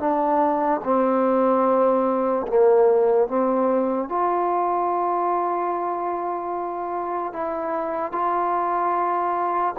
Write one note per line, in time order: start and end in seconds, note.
0.00 0.81 D4
0.84 2.47 C4
2.48 3.28 A#3
3.28 4.09 C4
4.09 7.33 F4
7.33 8.12 E4
8.12 9.74 F4